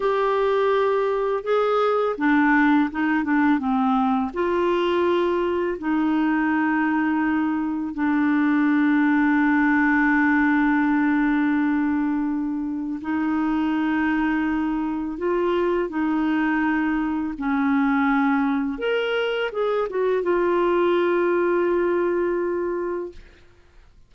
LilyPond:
\new Staff \with { instrumentName = "clarinet" } { \time 4/4 \tempo 4 = 83 g'2 gis'4 d'4 | dis'8 d'8 c'4 f'2 | dis'2. d'4~ | d'1~ |
d'2 dis'2~ | dis'4 f'4 dis'2 | cis'2 ais'4 gis'8 fis'8 | f'1 | }